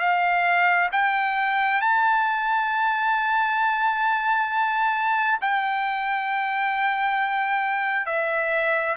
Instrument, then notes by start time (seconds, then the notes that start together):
trumpet
0.00 F5
0.92 G5
1.82 A5
5.42 G5
8.06 E5